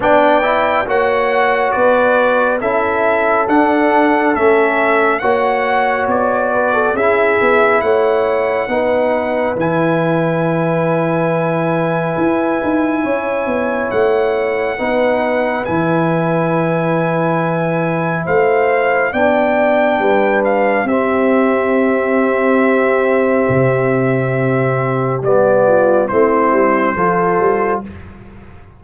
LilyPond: <<
  \new Staff \with { instrumentName = "trumpet" } { \time 4/4 \tempo 4 = 69 g''4 fis''4 d''4 e''4 | fis''4 e''4 fis''4 d''4 | e''4 fis''2 gis''4~ | gis''1 |
fis''2 gis''2~ | gis''4 f''4 g''4. f''8 | e''1~ | e''4 d''4 c''2 | }
  \new Staff \with { instrumentName = "horn" } { \time 4/4 d''4 cis''4 b'4 a'4~ | a'2 cis''4. b'16 a'16 | gis'4 cis''4 b'2~ | b'2. cis''4~ |
cis''4 b'2.~ | b'4 c''4 d''4 b'4 | g'1~ | g'4. f'8 e'4 a'4 | }
  \new Staff \with { instrumentName = "trombone" } { \time 4/4 d'8 e'8 fis'2 e'4 | d'4 cis'4 fis'2 | e'2 dis'4 e'4~ | e'1~ |
e'4 dis'4 e'2~ | e'2 d'2 | c'1~ | c'4 b4 c'4 f'4 | }
  \new Staff \with { instrumentName = "tuba" } { \time 4/4 b4 ais4 b4 cis'4 | d'4 a4 ais4 b4 | cis'8 b8 a4 b4 e4~ | e2 e'8 dis'8 cis'8 b8 |
a4 b4 e2~ | e4 a4 b4 g4 | c'2. c4~ | c4 g4 a8 g8 f8 g8 | }
>>